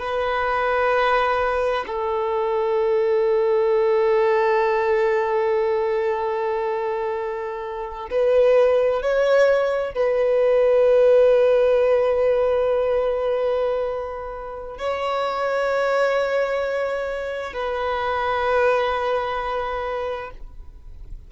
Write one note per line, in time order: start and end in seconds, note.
0.00 1.85 B4
1.87 8.10 A4
8.11 9.02 B4
9.02 9.94 C#5
9.94 14.79 B4
14.79 17.53 C#5
17.53 20.30 B4